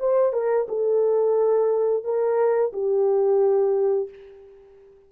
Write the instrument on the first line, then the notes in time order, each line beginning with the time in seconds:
horn
0.00 C5
0.33 A#4
0.69 A4
2.04 A#4
2.73 G4